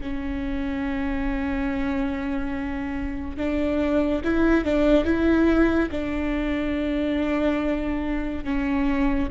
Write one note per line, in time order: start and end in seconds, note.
0.00 3.37 C#4
3.37 4.21 D4
4.24 4.64 E4
4.64 5.04 D4
5.04 5.89 E4
5.91 8.44 D4
8.44 9.28 C#4